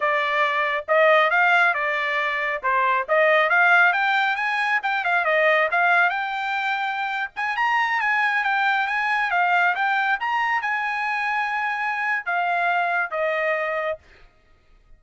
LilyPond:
\new Staff \with { instrumentName = "trumpet" } { \time 4/4 \tempo 4 = 137 d''2 dis''4 f''4 | d''2 c''4 dis''4 | f''4 g''4 gis''4 g''8 f''8 | dis''4 f''4 g''2~ |
g''8. gis''8 ais''4 gis''4 g''8.~ | g''16 gis''4 f''4 g''4 ais''8.~ | ais''16 gis''2.~ gis''8. | f''2 dis''2 | }